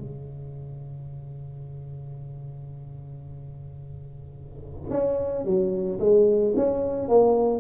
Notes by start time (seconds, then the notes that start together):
0.00 C#3
4.90 C#4
5.45 F#3
6.00 G#3
6.56 C#4
7.09 A#3